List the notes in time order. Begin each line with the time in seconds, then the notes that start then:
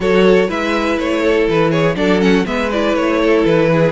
0.00 F#3 F#4 A4 C#5
0.48 G#3 E4 B4 E5
0.98 A3 C#5
1.22 A4
1.48 E3 B4
1.70 G#4 C#5
1.95 F#3 D4 A4 D5
2.19 C#4 F#5
2.45 G#3 B3 B4 E5
2.71 E4 D5
2.95 A3 C#5
3.20 A4
3.45 E3 B4
3.72 G#4